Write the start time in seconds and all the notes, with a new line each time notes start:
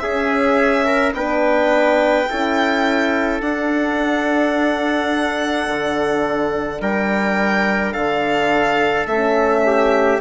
0.00 C#4 G#4 E5
0.85 A#4
1.14 B3 D4 B4 G5
2.29 C#4 E4 A4
3.41 D4 F#5
5.69 D3
6.81 G3 A#4 G5
7.93 D3 A4 F5
9.07 A3 C#4 E5
9.67 G4